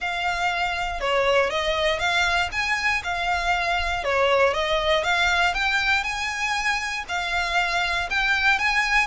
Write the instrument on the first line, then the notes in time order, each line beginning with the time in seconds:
violin
0.00 F5
1.00 C#5
1.50 D#5
1.99 F5
2.51 G#5
3.03 F5
4.03 C#5
4.53 D#5
5.03 F5
5.53 G5
6.03 G#5
7.08 F5
8.09 G5
8.59 G#5